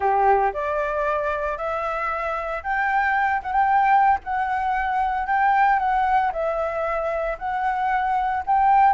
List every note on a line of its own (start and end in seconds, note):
0.00 0.52 G4
0.53 1.57 D5
1.57 2.62 E5
2.63 3.42 G5
3.42 3.52 F#5
3.52 4.18 G5
4.24 5.26 F#5
5.26 5.79 G5
5.79 6.31 F#5
6.32 7.37 E5
7.38 8.43 F#5
8.46 8.93 G5